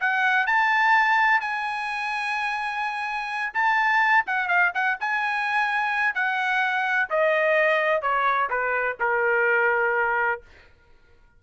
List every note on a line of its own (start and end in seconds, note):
0.00 0.47 F#5
0.47 1.40 A5
1.40 3.53 G#5
3.53 4.24 A5
4.26 4.48 F#5
4.48 4.72 F5
4.74 4.98 F#5
5.00 6.14 G#5
6.14 7.09 F#5
7.10 8.01 D#5
8.01 8.49 C#5
8.50 8.97 B4
8.99 10.41 A#4